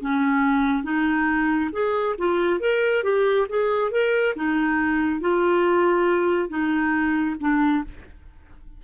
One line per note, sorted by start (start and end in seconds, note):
0.00 0.83 C#4
0.83 1.70 D#4
1.72 2.15 G#4
2.18 2.60 F4
2.60 3.03 A#4
3.03 3.47 G4
3.49 3.91 G#4
3.91 4.34 A#4
4.36 5.21 D#4
5.21 6.49 F4
6.49 7.36 D#4
7.40 7.84 D4